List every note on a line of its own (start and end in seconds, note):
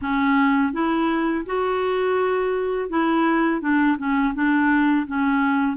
0.01 0.72 C#4
0.72 1.45 E4
1.46 2.89 F#4
2.89 3.61 E4
3.61 3.97 D4
3.98 4.34 C#4
4.34 5.06 D4
5.06 5.76 C#4